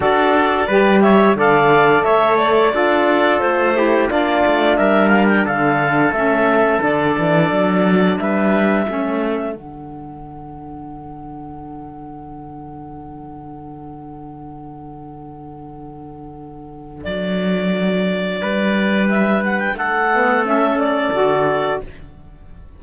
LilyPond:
<<
  \new Staff \with { instrumentName = "clarinet" } { \time 4/4 \tempo 4 = 88 d''4. e''8 f''4 e''8 d''8~ | d''4 c''4 d''4 e''8 f''16 g''16 | f''4 e''4 d''2 | e''2 fis''2~ |
fis''1~ | fis''1~ | fis''4 d''2. | e''8 fis''16 g''16 fis''4 e''8 d''4. | }
  \new Staff \with { instrumentName = "trumpet" } { \time 4/4 a'4 b'8 cis''8 d''4 cis''4 | a'4. g'8 f'4 ais'4 | a'1 | b'4 a'2.~ |
a'1~ | a'1~ | a'2. b'4~ | b'4 a'2. | }
  \new Staff \with { instrumentName = "saxophone" } { \time 4/4 fis'4 g'4 a'2 | f'4. e'8 d'2~ | d'4 cis'4 d'2~ | d'4 cis'4 d'2~ |
d'1~ | d'1~ | d'1~ | d'4. b8 cis'4 fis'4 | }
  \new Staff \with { instrumentName = "cello" } { \time 4/4 d'4 g4 d4 a4 | d'4 a4 ais8 a8 g4 | d4 a4 d8 e8 fis4 | g4 a4 d2~ |
d1~ | d1~ | d4 fis2 g4~ | g4 a2 d4 | }
>>